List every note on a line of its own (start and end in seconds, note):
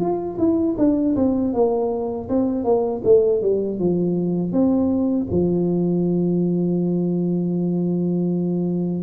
0.00 0.38 F4
0.38 0.76 E4
0.78 1.15 D4
1.16 1.53 C4
1.53 2.28 A#3
2.29 2.64 C4
2.64 3.02 A#3
3.04 3.42 A3
3.42 3.79 G3
3.79 4.52 F3
4.52 5.27 C4
5.31 9.02 F3